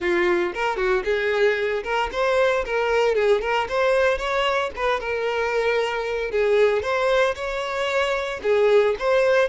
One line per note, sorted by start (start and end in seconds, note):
0.00 0.53 F4
0.54 0.76 A#4
0.76 1.03 F#4
1.04 1.83 G#4
1.83 2.09 A#4
2.12 2.64 C5
2.65 3.14 A#4
3.14 3.41 G#4
3.41 3.67 A#4
3.68 4.17 C5
4.17 4.70 C#5
4.76 5.00 B4
5.00 6.31 A#4
6.31 6.82 G#4
6.82 7.34 C5
7.35 8.40 C#5
8.42 8.95 G#4
8.99 9.48 C5